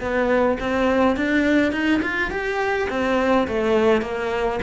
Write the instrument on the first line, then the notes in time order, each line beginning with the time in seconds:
cello
0.00 B3
0.60 C4
1.16 D4
1.72 D#4
2.01 F4
2.30 G4
2.89 C4
3.47 A3
4.01 A#3